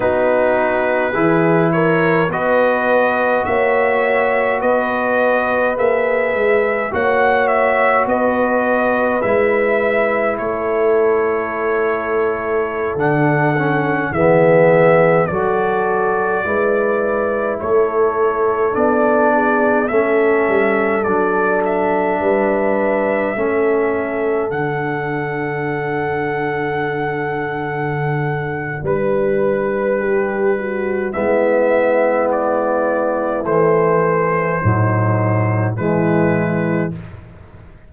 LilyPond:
<<
  \new Staff \with { instrumentName = "trumpet" } { \time 4/4 \tempo 4 = 52 b'4. cis''8 dis''4 e''4 | dis''4 e''4 fis''8 e''8 dis''4 | e''4 cis''2~ cis''16 fis''8.~ | fis''16 e''4 d''2 cis''8.~ |
cis''16 d''4 e''4 d''8 e''4~ e''16~ | e''4~ e''16 fis''2~ fis''8.~ | fis''4 b'2 e''4 | d''4 c''2 b'4 | }
  \new Staff \with { instrumentName = "horn" } { \time 4/4 fis'4 gis'8 ais'8 b'4 cis''4 | b'2 cis''4 b'4~ | b'4 a'2.~ | a'16 gis'4 a'4 b'4 a'8.~ |
a'8. gis'8 a'2 b'8.~ | b'16 a'2.~ a'8.~ | a'4 b'4 g'8 fis'8 e'4~ | e'2 dis'4 e'4 | }
  \new Staff \with { instrumentName = "trombone" } { \time 4/4 dis'4 e'4 fis'2~ | fis'4 gis'4 fis'2 | e'2.~ e'16 d'8 cis'16~ | cis'16 b4 fis'4 e'4.~ e'16~ |
e'16 d'4 cis'4 d'4.~ d'16~ | d'16 cis'4 d'2~ d'8.~ | d'2. b4~ | b4 e4 fis4 gis4 | }
  \new Staff \with { instrumentName = "tuba" } { \time 4/4 b4 e4 b4 ais4 | b4 ais8 gis8 ais4 b4 | gis4 a2~ a16 d8.~ | d16 e4 fis4 gis4 a8.~ |
a16 b4 a8 g8 fis4 g8.~ | g16 a4 d2~ d8.~ | d4 g2 gis4~ | gis4 a4 a,4 e4 | }
>>